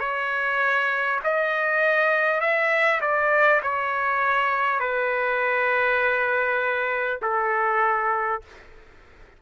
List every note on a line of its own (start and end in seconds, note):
0.00 1.20 C#5
1.24 2.41 D#5
2.41 3.01 E5
3.02 3.62 D5
3.63 4.80 C#5
4.80 7.20 B4
7.22 8.42 A4